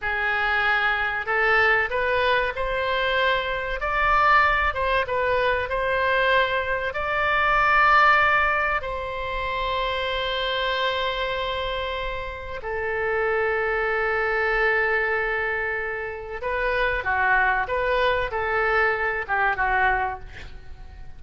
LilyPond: \new Staff \with { instrumentName = "oboe" } { \time 4/4 \tempo 4 = 95 gis'2 a'4 b'4 | c''2 d''4. c''8 | b'4 c''2 d''4~ | d''2 c''2~ |
c''1 | a'1~ | a'2 b'4 fis'4 | b'4 a'4. g'8 fis'4 | }